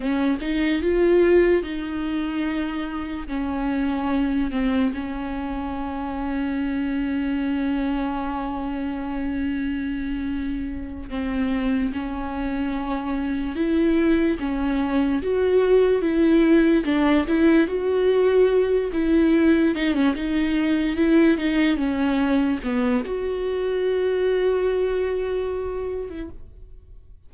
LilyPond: \new Staff \with { instrumentName = "viola" } { \time 4/4 \tempo 4 = 73 cis'8 dis'8 f'4 dis'2 | cis'4. c'8 cis'2~ | cis'1~ | cis'4. c'4 cis'4.~ |
cis'8 e'4 cis'4 fis'4 e'8~ | e'8 d'8 e'8 fis'4. e'4 | dis'16 cis'16 dis'4 e'8 dis'8 cis'4 b8 | fis'2.~ fis'8. e'16 | }